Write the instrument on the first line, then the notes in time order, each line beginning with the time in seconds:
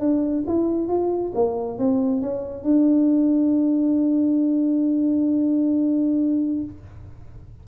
tuba
0.00 D4
0.48 E4
0.88 F4
1.35 A#3
1.79 C4
2.22 C#4
2.64 D4